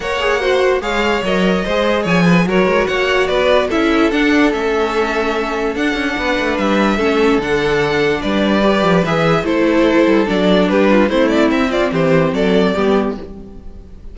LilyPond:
<<
  \new Staff \with { instrumentName = "violin" } { \time 4/4 \tempo 4 = 146 fis''2 f''4 dis''4~ | dis''4 gis''4 cis''4 fis''4 | d''4 e''4 fis''4 e''4~ | e''2 fis''2 |
e''2 fis''2 | d''2 e''4 c''4~ | c''4 d''4 b'4 c''8 d''8 | e''8 d''8 c''4 d''2 | }
  \new Staff \with { instrumentName = "violin" } { \time 4/4 cis''4 c''4 cis''2 | c''4 cis''8 b'8 ais'4 cis''4 | b'4 a'2.~ | a'2. b'4~ |
b'4 a'2. | b'2. a'4~ | a'2 g'8 f'8 e'4~ | e'8 f'8 g'4 a'4 g'4 | }
  \new Staff \with { instrumentName = "viola" } { \time 4/4 ais'8 gis'8 fis'4 gis'4 ais'4 | gis'2 fis'2~ | fis'4 e'4 d'4 cis'4~ | cis'2 d'2~ |
d'4 cis'4 d'2~ | d'4 g'4 gis'4 e'4~ | e'4 d'2 c'4~ | c'2. b4 | }
  \new Staff \with { instrumentName = "cello" } { \time 4/4 ais2 gis4 fis4 | gis4 f4 fis8 gis8 ais4 | b4 cis'4 d'4 a4~ | a2 d'8 cis'8 b8 a8 |
g4 a4 d2 | g4. f8 e4 a4~ | a8 g8 fis4 g4 a4 | c'4 e4 fis4 g4 | }
>>